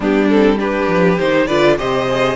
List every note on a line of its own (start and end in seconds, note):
0.00 0.86 G3
0.00 0.30 B3
0.00 0.58 D4
0.00 0.29 G4
0.29 0.58 C4
0.29 0.58 A4
0.58 1.17 D4
0.58 1.46 G4
0.58 1.19 B4
0.88 1.18 F3
1.19 1.49 D#3
1.19 1.49 D#4
1.19 1.46 C5
1.46 1.78 D3
1.46 1.78 F4
1.46 1.76 B4
1.46 1.76 D5
1.78 2.36 C3
1.78 2.08 G4
1.78 2.36 C5
1.78 2.36 D#5
2.09 2.36 G#4